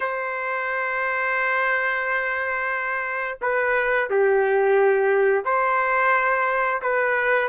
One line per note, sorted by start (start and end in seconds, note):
0.00 3.38 C5
3.41 4.09 B4
4.10 5.45 G4
5.45 6.81 C5
6.82 7.48 B4